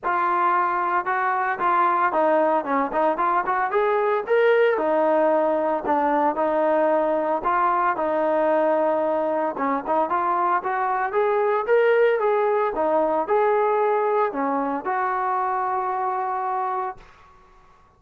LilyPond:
\new Staff \with { instrumentName = "trombone" } { \time 4/4 \tempo 4 = 113 f'2 fis'4 f'4 | dis'4 cis'8 dis'8 f'8 fis'8 gis'4 | ais'4 dis'2 d'4 | dis'2 f'4 dis'4~ |
dis'2 cis'8 dis'8 f'4 | fis'4 gis'4 ais'4 gis'4 | dis'4 gis'2 cis'4 | fis'1 | }